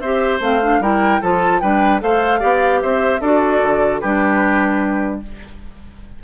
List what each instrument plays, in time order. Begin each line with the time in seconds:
0.00 bassoon C4, clarinet G4, oboe C5, flute E5
0.40 bassoon A3, clarinet C4, flute F5
0.62 clarinet D4
0.80 bassoon G3, clarinet E4, oboe A#4, flute G5
1.21 bassoon F3, clarinet F4, oboe A4, flute A5
1.60 bassoon G3, clarinet D4, oboe B4, flute G5
2.01 bassoon A3, clarinet A4, oboe C5, flute F5
2.40 bassoon B3, clarinet G4, oboe D5
2.82 bassoon C4, oboe C5, flute E5
3.20 bassoon D4, clarinet F#4, oboe A4, flute D5
3.64 bassoon D3
4.00 bassoon G3, clarinet D4, oboe G4, flute B4